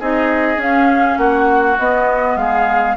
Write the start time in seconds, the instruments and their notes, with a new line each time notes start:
0.00 bassoon C4, clarinet D#4, oboe G#4, flute D#5
0.57 bassoon C#4, clarinet C#4, flute F5
1.18 bassoon A#3, oboe F#4, flute F#5
1.79 bassoon B3, clarinet B3, flute D#5
2.36 bassoon G#3, oboe G#4, flute F5